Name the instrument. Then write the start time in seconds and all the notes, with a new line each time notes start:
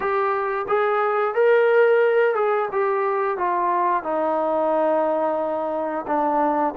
trombone
0.00 G4
0.68 G#4
1.34 A#4
2.34 G#4
2.72 G4
3.37 F4
4.03 D#4
6.07 D4